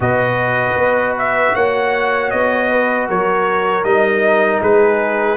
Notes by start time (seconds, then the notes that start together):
0.00 B2 F#4 B4 D#5
0.75 B3
1.18 E5
1.54 A#3 C#5 F#5
2.30 B3 D#5
2.70 B4
3.08 F#3 A#4 C#5
3.83 G3 D#4 D#5
4.62 G#3 G#4 B4